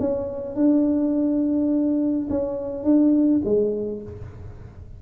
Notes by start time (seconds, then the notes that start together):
0.00 C#4
0.56 D4
2.31 C#4
2.84 D4
3.45 G#3